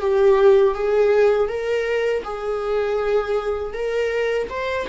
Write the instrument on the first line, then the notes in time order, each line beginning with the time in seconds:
viola
0.00 G4
0.74 G#4
1.48 A#4
2.23 G#4
3.73 A#4
4.49 C5